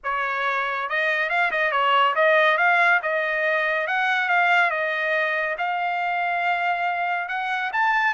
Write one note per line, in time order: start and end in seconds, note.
0.03 0.89 C#5
0.89 1.29 D#5
1.29 1.51 F5
1.51 1.71 D#5
1.71 2.14 C#5
2.15 2.57 D#5
2.57 3.00 F5
3.02 3.87 D#5
3.87 4.28 F#5
4.28 4.70 F5
4.70 5.56 D#5
5.58 7.28 F5
7.28 7.71 F#5
7.72 8.14 A5